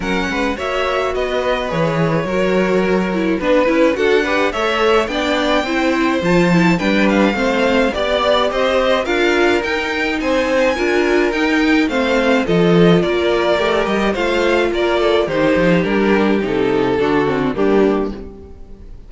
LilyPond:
<<
  \new Staff \with { instrumentName = "violin" } { \time 4/4 \tempo 4 = 106 fis''4 e''4 dis''4 cis''4~ | cis''2 b'4 fis''4 | e''4 g''2 a''4 | g''8 f''4. d''4 dis''4 |
f''4 g''4 gis''2 | g''4 f''4 dis''4 d''4~ | d''8 dis''8 f''4 d''4 c''4 | ais'4 a'2 g'4 | }
  \new Staff \with { instrumentName = "violin" } { \time 4/4 ais'8 b'8 cis''4 b'2 | ais'2 b'4 a'8 b'8 | cis''4 d''4 c''2 | b'4 c''4 d''4 c''4 |
ais'2 c''4 ais'4~ | ais'4 c''4 a'4 ais'4~ | ais'4 c''4 ais'8 a'8 g'4~ | g'2 fis'4 d'4 | }
  \new Staff \with { instrumentName = "viola" } { \time 4/4 cis'4 fis'2 gis'4 | fis'4. e'8 d'8 e'8 fis'8 g'8 | a'4 d'4 e'4 f'8 e'8 | d'4 c'4 g'2 |
f'4 dis'2 f'4 | dis'4 c'4 f'2 | g'4 f'2 dis'4 | d'4 dis'4 d'8 c'8 ais4 | }
  \new Staff \with { instrumentName = "cello" } { \time 4/4 fis8 gis8 ais4 b4 e4 | fis2 b8 cis'8 d'4 | a4 b4 c'4 f4 | g4 a4 b4 c'4 |
d'4 dis'4 c'4 d'4 | dis'4 a4 f4 ais4 | a8 g8 a4 ais4 dis8 f8 | g4 c4 d4 g4 | }
>>